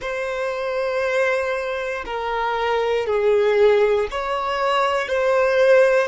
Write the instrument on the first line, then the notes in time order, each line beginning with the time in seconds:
violin
0.00 C5
2.05 A#4
3.06 G#4
4.10 C#5
5.08 C5